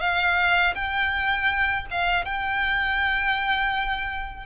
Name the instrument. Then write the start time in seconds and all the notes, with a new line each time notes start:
violin
0.00 F5
0.75 G5
1.90 F5
2.25 G5